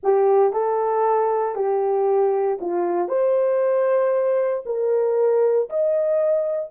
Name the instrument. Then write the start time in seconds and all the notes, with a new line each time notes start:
horn
0.03 G4
0.52 A4
1.55 G4
2.60 F4
3.08 C5
4.65 A#4
5.69 D#5